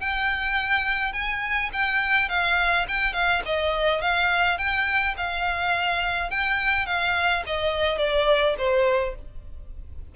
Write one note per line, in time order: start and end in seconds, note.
0.00 1.13 G5
1.13 1.70 G#5
1.73 2.29 G5
2.29 2.86 F5
2.88 3.14 G5
3.14 3.42 F5
3.45 4.01 D#5
4.01 4.58 F5
4.58 5.15 G5
5.17 6.31 F5
6.31 6.86 G5
6.86 7.43 F5
7.46 7.98 D#5
7.98 8.55 D5
8.58 9.15 C5